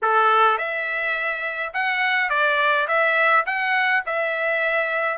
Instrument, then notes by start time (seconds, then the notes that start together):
trumpet
0.02 A4
0.58 E5
1.73 F#5
2.29 D5
2.87 E5
3.46 F#5
4.05 E5